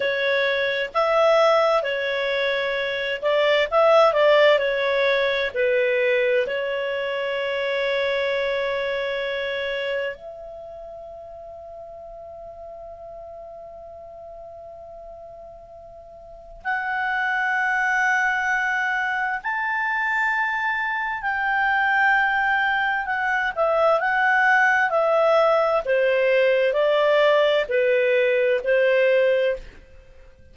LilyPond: \new Staff \with { instrumentName = "clarinet" } { \time 4/4 \tempo 4 = 65 cis''4 e''4 cis''4. d''8 | e''8 d''8 cis''4 b'4 cis''4~ | cis''2. e''4~ | e''1~ |
e''2 fis''2~ | fis''4 a''2 g''4~ | g''4 fis''8 e''8 fis''4 e''4 | c''4 d''4 b'4 c''4 | }